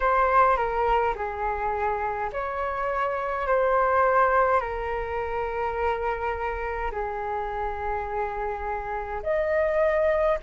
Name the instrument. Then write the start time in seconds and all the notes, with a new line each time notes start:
flute
0.00 C5
0.56 A#4
1.15 G#4
2.32 C#5
3.47 C5
4.60 A#4
6.91 G#4
9.23 D#5